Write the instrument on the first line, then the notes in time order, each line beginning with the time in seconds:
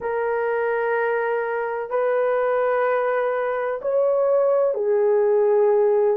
horn
0.00 A#4
1.90 B4
3.81 C#5
4.74 G#4